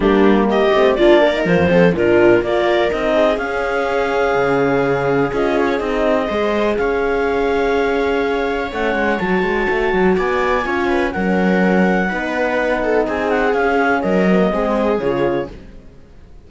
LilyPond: <<
  \new Staff \with { instrumentName = "clarinet" } { \time 4/4 \tempo 4 = 124 g'4 dis''4 d''4 c''4 | ais'4 d''4 dis''4 f''4~ | f''2. dis''8 cis''8 | dis''2 f''2~ |
f''2 fis''4 a''4~ | a''4 gis''2 fis''4~ | fis''2. gis''8 fis''8 | f''4 dis''2 cis''4 | }
  \new Staff \with { instrumentName = "viola" } { \time 4/4 d'4 g'4 f'8 ais'4 a'8 | f'4 ais'4. gis'4.~ | gis'1~ | gis'4 c''4 cis''2~ |
cis''1~ | cis''4 d''4 cis''8 b'8 ais'4~ | ais'4 b'4. a'8 gis'4~ | gis'4 ais'4 gis'2 | }
  \new Staff \with { instrumentName = "horn" } { \time 4/4 ais4. c'8 d'8. dis'16 f'8 c'8 | d'4 f'4 dis'4 cis'4~ | cis'2. f'4 | dis'4 gis'2.~ |
gis'2 cis'4 fis'4~ | fis'2 f'4 cis'4~ | cis'4 dis'2. | cis'4. c'16 ais16 c'4 f'4 | }
  \new Staff \with { instrumentName = "cello" } { \time 4/4 g4. a8 ais4 f16 f,16 f8 | ais,4 ais4 c'4 cis'4~ | cis'4 cis2 cis'4 | c'4 gis4 cis'2~ |
cis'2 a8 gis8 fis8 gis8 | a8 fis8 b4 cis'4 fis4~ | fis4 b2 c'4 | cis'4 fis4 gis4 cis4 | }
>>